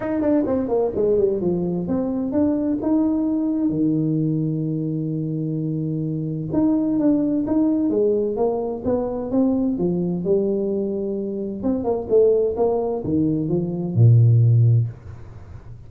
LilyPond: \new Staff \with { instrumentName = "tuba" } { \time 4/4 \tempo 4 = 129 dis'8 d'8 c'8 ais8 gis8 g8 f4 | c'4 d'4 dis'2 | dis1~ | dis2 dis'4 d'4 |
dis'4 gis4 ais4 b4 | c'4 f4 g2~ | g4 c'8 ais8 a4 ais4 | dis4 f4 ais,2 | }